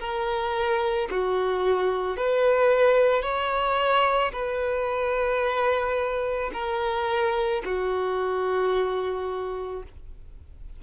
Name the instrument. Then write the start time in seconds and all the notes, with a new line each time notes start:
violin
0.00 A#4
1.11 F#4
2.17 B4
3.23 C#5
4.33 B4
6.54 A#4
7.65 F#4